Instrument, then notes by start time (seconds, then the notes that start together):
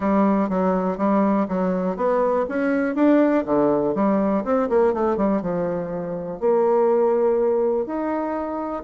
bassoon
0.00 G3
0.49 F#3
0.97 G3
1.48 F#3
1.96 B3
2.48 C#4
2.95 D4
3.45 D3
3.95 G3
4.44 C4
4.69 A#3
4.93 A3
5.17 G3
5.41 F3
6.40 A#3
7.86 D#4